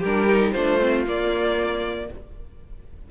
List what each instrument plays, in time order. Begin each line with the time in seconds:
0.00 cello G3, violin G4 A#4
0.06 viola D4
0.28 viola D#4
0.52 cello A3, viola D4, violin F4 C5
0.80 viola C4
1.07 cello A#3, viola A#3, violin D5